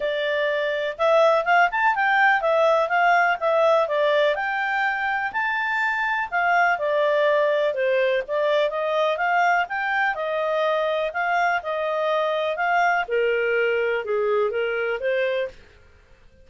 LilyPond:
\new Staff \with { instrumentName = "clarinet" } { \time 4/4 \tempo 4 = 124 d''2 e''4 f''8 a''8 | g''4 e''4 f''4 e''4 | d''4 g''2 a''4~ | a''4 f''4 d''2 |
c''4 d''4 dis''4 f''4 | g''4 dis''2 f''4 | dis''2 f''4 ais'4~ | ais'4 gis'4 ais'4 c''4 | }